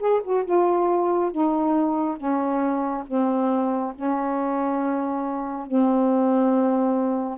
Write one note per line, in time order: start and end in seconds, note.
0.00 0.22 G#4
0.24 0.45 F#4
0.45 1.32 F4
1.32 2.17 D#4
2.17 3.04 C#4
3.07 3.94 C4
3.95 5.67 C#4
5.67 7.38 C4